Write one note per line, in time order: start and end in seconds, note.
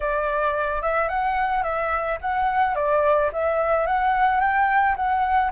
0.00 0.82 D5
0.82 1.08 E5
1.08 1.63 F#5
1.63 2.18 E5
2.21 2.75 F#5
2.75 3.30 D5
3.33 3.86 E5
3.86 4.40 F#5
4.40 4.95 G5
4.96 5.51 F#5